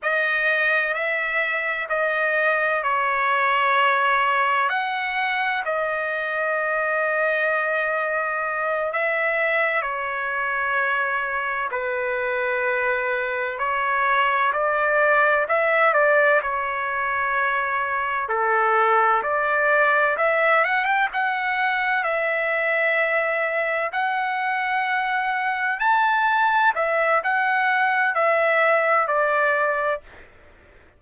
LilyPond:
\new Staff \with { instrumentName = "trumpet" } { \time 4/4 \tempo 4 = 64 dis''4 e''4 dis''4 cis''4~ | cis''4 fis''4 dis''2~ | dis''4. e''4 cis''4.~ | cis''8 b'2 cis''4 d''8~ |
d''8 e''8 d''8 cis''2 a'8~ | a'8 d''4 e''8 fis''16 g''16 fis''4 e''8~ | e''4. fis''2 a''8~ | a''8 e''8 fis''4 e''4 d''4 | }